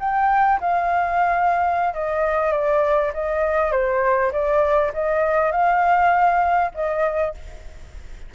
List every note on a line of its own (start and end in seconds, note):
0.00 0.60 G5
0.61 1.94 F5
1.94 2.53 D#5
2.53 3.13 D5
3.14 3.72 D#5
3.72 4.32 C5
4.33 4.93 D5
4.94 5.52 D#5
5.52 6.72 F5
6.75 7.35 D#5